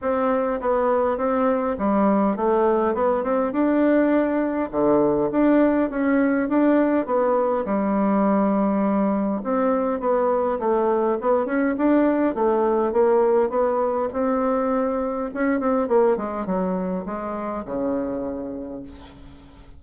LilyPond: \new Staff \with { instrumentName = "bassoon" } { \time 4/4 \tempo 4 = 102 c'4 b4 c'4 g4 | a4 b8 c'8 d'2 | d4 d'4 cis'4 d'4 | b4 g2. |
c'4 b4 a4 b8 cis'8 | d'4 a4 ais4 b4 | c'2 cis'8 c'8 ais8 gis8 | fis4 gis4 cis2 | }